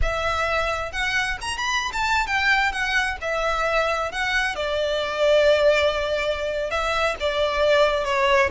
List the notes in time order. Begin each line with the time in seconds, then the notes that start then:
0.01 E5
0.92 F#5
1.41 A#5
1.57 B5
1.92 A5
2.26 G5
2.71 F#5
3.21 E5
4.11 F#5
4.55 D5
6.70 E5
7.19 D5
8.04 C#5